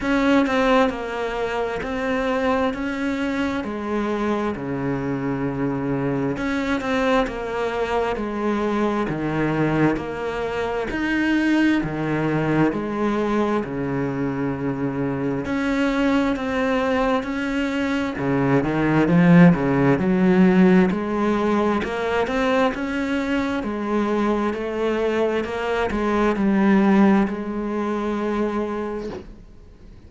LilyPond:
\new Staff \with { instrumentName = "cello" } { \time 4/4 \tempo 4 = 66 cis'8 c'8 ais4 c'4 cis'4 | gis4 cis2 cis'8 c'8 | ais4 gis4 dis4 ais4 | dis'4 dis4 gis4 cis4~ |
cis4 cis'4 c'4 cis'4 | cis8 dis8 f8 cis8 fis4 gis4 | ais8 c'8 cis'4 gis4 a4 | ais8 gis8 g4 gis2 | }